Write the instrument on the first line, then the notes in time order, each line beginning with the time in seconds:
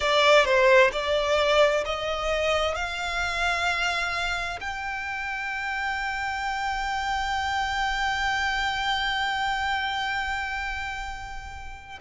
violin
0.00 D5
0.44 C5
0.91 D5
1.85 D#5
2.74 F5
4.60 G5